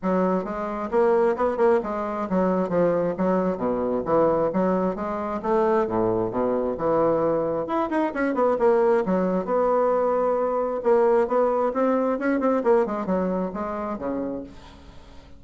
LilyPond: \new Staff \with { instrumentName = "bassoon" } { \time 4/4 \tempo 4 = 133 fis4 gis4 ais4 b8 ais8 | gis4 fis4 f4 fis4 | b,4 e4 fis4 gis4 | a4 a,4 b,4 e4~ |
e4 e'8 dis'8 cis'8 b8 ais4 | fis4 b2. | ais4 b4 c'4 cis'8 c'8 | ais8 gis8 fis4 gis4 cis4 | }